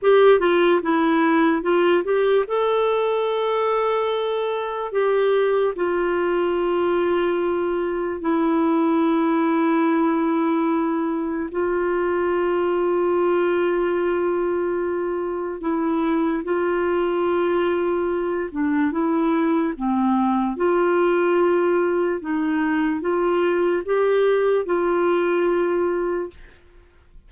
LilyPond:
\new Staff \with { instrumentName = "clarinet" } { \time 4/4 \tempo 4 = 73 g'8 f'8 e'4 f'8 g'8 a'4~ | a'2 g'4 f'4~ | f'2 e'2~ | e'2 f'2~ |
f'2. e'4 | f'2~ f'8 d'8 e'4 | c'4 f'2 dis'4 | f'4 g'4 f'2 | }